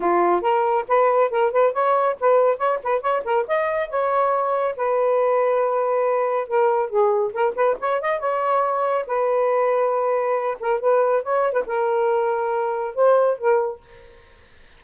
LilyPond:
\new Staff \with { instrumentName = "saxophone" } { \time 4/4 \tempo 4 = 139 f'4 ais'4 b'4 ais'8 b'8 | cis''4 b'4 cis''8 b'8 cis''8 ais'8 | dis''4 cis''2 b'4~ | b'2. ais'4 |
gis'4 ais'8 b'8 cis''8 dis''8 cis''4~ | cis''4 b'2.~ | b'8 ais'8 b'4 cis''8. b'16 ais'4~ | ais'2 c''4 ais'4 | }